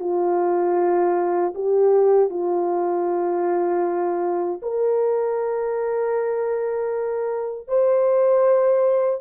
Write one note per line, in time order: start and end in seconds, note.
0.00 1.54 F4
1.55 2.30 G4
2.30 4.61 F4
4.63 7.68 A#4
7.68 9.21 C5